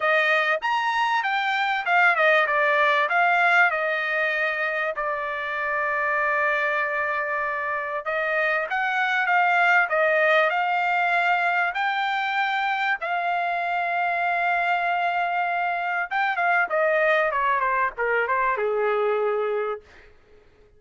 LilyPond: \new Staff \with { instrumentName = "trumpet" } { \time 4/4 \tempo 4 = 97 dis''4 ais''4 g''4 f''8 dis''8 | d''4 f''4 dis''2 | d''1~ | d''4 dis''4 fis''4 f''4 |
dis''4 f''2 g''4~ | g''4 f''2.~ | f''2 g''8 f''8 dis''4 | cis''8 c''8 ais'8 c''8 gis'2 | }